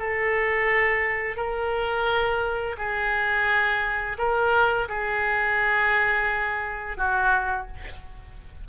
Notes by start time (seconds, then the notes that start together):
0.00 A4
1.37 A#4
2.78 G#4
4.19 A#4
4.89 G#4
6.98 F#4